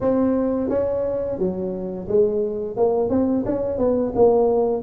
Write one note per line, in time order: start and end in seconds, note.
0.00 0.69 C4
0.69 1.38 C#4
1.38 2.07 F#3
2.08 2.76 G#3
2.76 3.09 A#3
3.09 3.44 C4
3.45 3.78 C#4
3.78 4.12 B3
4.15 4.82 A#3